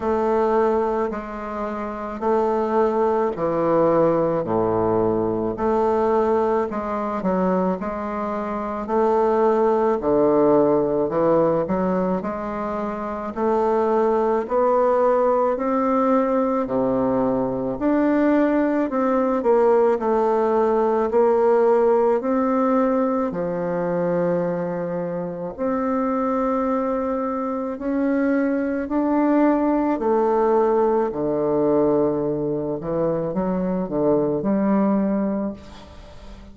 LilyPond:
\new Staff \with { instrumentName = "bassoon" } { \time 4/4 \tempo 4 = 54 a4 gis4 a4 e4 | a,4 a4 gis8 fis8 gis4 | a4 d4 e8 fis8 gis4 | a4 b4 c'4 c4 |
d'4 c'8 ais8 a4 ais4 | c'4 f2 c'4~ | c'4 cis'4 d'4 a4 | d4. e8 fis8 d8 g4 | }